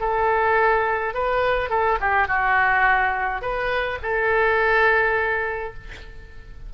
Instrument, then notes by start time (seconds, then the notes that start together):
oboe
0.00 A4
1.14 B4
1.70 A4
2.01 G4
2.28 F#4
3.42 B4
4.03 A4